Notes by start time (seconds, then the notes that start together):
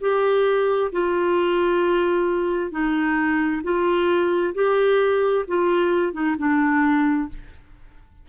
0.00 G4
0.92 F4
2.71 D#4
3.63 F4
4.54 G4
5.48 F4
6.12 D#4
6.38 D4